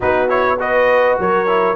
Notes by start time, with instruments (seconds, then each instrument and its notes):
0.00 tuba B3, trombone D#4, horn F#4, trumpet B4
0.28 trombone E4, trumpet C#5
0.59 trombone F#4, horn B4, trumpet D#5
1.18 tuba F#3, horn A#4, trumpet C#5
1.47 trombone E4